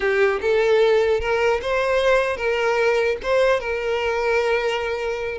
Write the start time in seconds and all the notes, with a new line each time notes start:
0.00 G4
0.41 A4
1.20 A#4
1.61 C5
2.36 A#4
3.22 C5
3.60 A#4